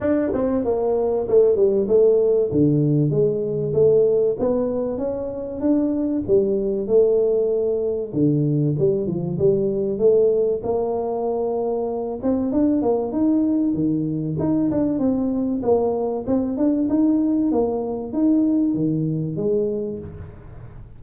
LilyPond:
\new Staff \with { instrumentName = "tuba" } { \time 4/4 \tempo 4 = 96 d'8 c'8 ais4 a8 g8 a4 | d4 gis4 a4 b4 | cis'4 d'4 g4 a4~ | a4 d4 g8 f8 g4 |
a4 ais2~ ais8 c'8 | d'8 ais8 dis'4 dis4 dis'8 d'8 | c'4 ais4 c'8 d'8 dis'4 | ais4 dis'4 dis4 gis4 | }